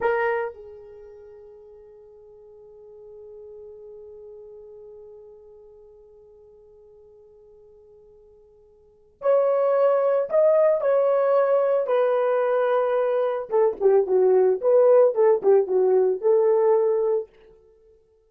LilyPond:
\new Staff \with { instrumentName = "horn" } { \time 4/4 \tempo 4 = 111 ais'4 gis'2.~ | gis'1~ | gis'1~ | gis'1~ |
gis'4 cis''2 dis''4 | cis''2 b'2~ | b'4 a'8 g'8 fis'4 b'4 | a'8 g'8 fis'4 a'2 | }